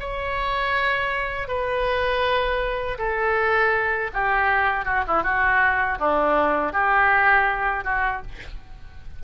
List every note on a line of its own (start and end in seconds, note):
0.00 1.48 C#5
1.48 2.98 B4
2.98 4.11 A4
4.14 4.85 G4
4.85 5.04 F#4
5.08 5.23 E4
5.23 5.98 F#4
5.99 6.73 D4
6.73 7.84 G4
7.84 8.22 F#4